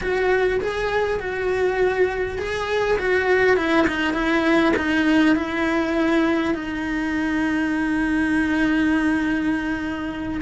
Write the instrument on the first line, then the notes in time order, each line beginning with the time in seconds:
cello
0.01 F#4
0.60 G#4
1.19 F#4
2.38 G#4
2.98 F#4
3.56 E4
3.87 D#4
4.13 E4
4.76 D#4
5.35 E4
6.54 D#4